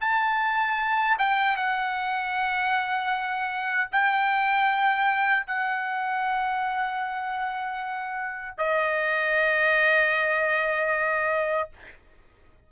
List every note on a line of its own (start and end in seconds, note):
0.00 1.17 A5
1.18 1.56 G5
1.56 3.90 F#5
3.91 5.46 G5
5.46 8.57 F#5
8.57 11.69 D#5